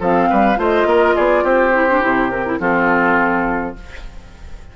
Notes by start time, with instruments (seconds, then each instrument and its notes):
0.00 bassoon F3, clarinet C4, oboe A4, flute F5
0.30 bassoon G3, oboe B4
0.56 bassoon A3, clarinet F4, oboe C5, flute D#5
0.85 bassoon A#3, oboe A#4
1.16 bassoon B3, oboe G#4, flute D5
1.44 bassoon C4, oboe G4, flute C5
1.74 clarinet E4
1.90 clarinet D4
2.01 bassoon C3, clarinet E4
2.30 clarinet C4, flute A#4
2.46 clarinet E4
2.60 bassoon F3, clarinet C4, oboe F4, flute A4